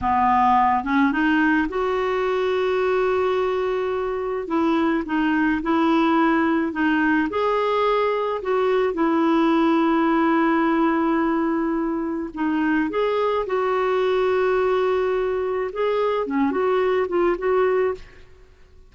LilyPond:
\new Staff \with { instrumentName = "clarinet" } { \time 4/4 \tempo 4 = 107 b4. cis'8 dis'4 fis'4~ | fis'1 | e'4 dis'4 e'2 | dis'4 gis'2 fis'4 |
e'1~ | e'2 dis'4 gis'4 | fis'1 | gis'4 cis'8 fis'4 f'8 fis'4 | }